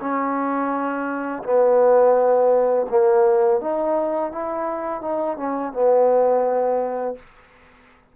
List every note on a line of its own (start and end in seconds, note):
0.00 1.43 C#4
1.43 2.86 B3
2.90 3.61 A#3
3.61 4.31 D#4
4.31 5.01 E4
5.01 5.37 D#4
5.37 5.72 C#4
5.72 7.15 B3